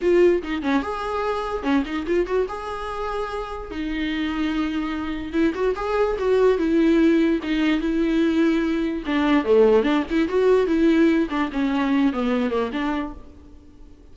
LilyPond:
\new Staff \with { instrumentName = "viola" } { \time 4/4 \tempo 4 = 146 f'4 dis'8 cis'8 gis'2 | cis'8 dis'8 f'8 fis'8 gis'2~ | gis'4 dis'2.~ | dis'4 e'8 fis'8 gis'4 fis'4 |
e'2 dis'4 e'4~ | e'2 d'4 a4 | d'8 e'8 fis'4 e'4. d'8 | cis'4. b4 ais8 d'4 | }